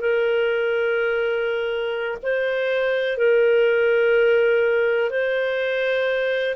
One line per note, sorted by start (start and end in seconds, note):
0.00 2.18 A#4
2.23 3.18 C5
3.18 5.10 A#4
5.10 6.55 C5